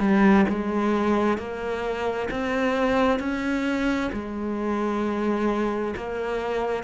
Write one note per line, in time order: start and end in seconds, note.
0.00 0.45 G3
0.49 1.38 G#3
1.38 2.29 A#3
2.31 3.19 C4
3.19 4.10 C#4
4.13 5.95 G#3
5.96 6.83 A#3